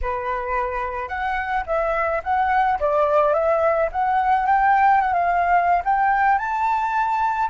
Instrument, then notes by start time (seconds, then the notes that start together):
flute
0.01 B4
1.08 F#5
1.66 E5
2.23 F#5
2.79 D5
3.33 E5
3.92 F#5
4.46 G5
5.01 F#5
5.13 F5
5.84 G5
6.38 A5